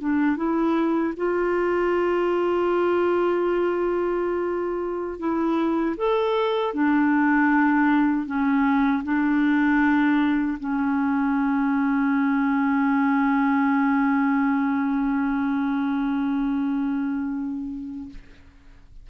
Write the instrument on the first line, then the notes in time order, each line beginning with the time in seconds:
clarinet
0.00 D4
0.36 E4
1.16 F4
5.19 E4
5.97 A4
6.73 D4
8.26 C#4
9.03 D4
10.59 C#4